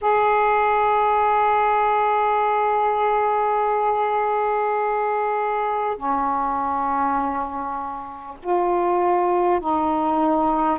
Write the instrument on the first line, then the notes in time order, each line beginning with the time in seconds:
saxophone
0.01 G#4
5.97 C#4
8.43 F4
9.59 D#4